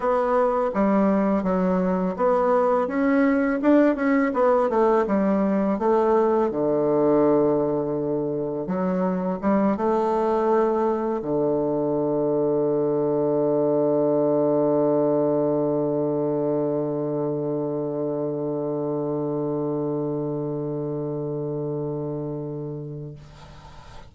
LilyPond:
\new Staff \with { instrumentName = "bassoon" } { \time 4/4 \tempo 4 = 83 b4 g4 fis4 b4 | cis'4 d'8 cis'8 b8 a8 g4 | a4 d2. | fis4 g8 a2 d8~ |
d1~ | d1~ | d1~ | d1 | }